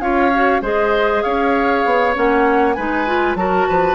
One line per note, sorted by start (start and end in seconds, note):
0.00 0.61 C#4
0.00 0.32 F4
0.00 0.62 C#5
0.00 0.62 F5
0.34 0.62 F#4
0.61 1.23 G#3
0.61 2.15 G#4
0.61 1.23 C5
0.61 1.23 D#5
1.23 1.85 C#4
1.23 2.76 C#5
1.23 2.14 F5
1.85 2.16 B3
2.15 2.77 A#3
2.15 2.76 C#4
2.15 2.73 F#5
2.73 3.35 G#3
2.73 3.07 D#4
2.73 3.37 B4
2.73 3.35 G#5
3.07 3.37 F4
3.35 3.66 F#3
3.35 3.95 F#4
3.35 3.68 A#4
3.35 3.95 A5
3.68 3.95 F3
3.68 3.95 B4